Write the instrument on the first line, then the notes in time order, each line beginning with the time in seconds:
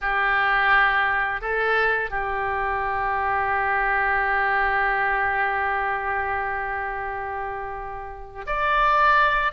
oboe
0.01 G4
1.41 A4
2.10 G4
8.46 D5